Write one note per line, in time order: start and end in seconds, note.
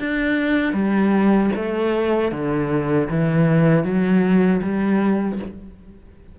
0.00 0.74 D4
0.74 1.51 G3
1.56 2.32 A3
2.32 3.09 D3
3.10 3.85 E3
3.85 4.62 F#3
4.63 5.40 G3